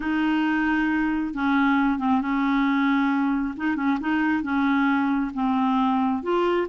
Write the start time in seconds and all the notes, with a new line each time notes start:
0.00 D#4
1.34 C#4
1.98 C4
2.21 C#4
3.57 D#4
3.76 C#4
4.00 D#4
4.42 C#4
5.34 C4
6.22 F4